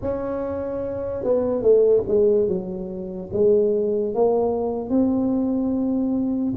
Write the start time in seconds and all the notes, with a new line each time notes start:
0.01 C#4
1.23 B3
1.61 A3
2.07 G#3
2.47 F#3
3.33 G#3
4.14 A#3
4.89 C4